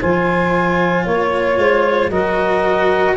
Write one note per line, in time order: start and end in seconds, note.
0.00 1.06 F3
0.00 2.11 F4
0.00 1.05 C5
0.00 1.04 G#5
1.04 1.57 A#3
1.04 2.09 C#5
1.04 1.57 C#5
1.57 2.10 G#3
1.57 2.09 C5
2.09 3.15 F#3
2.09 3.16 F#4
2.09 3.14 A#4
2.09 3.15 D#5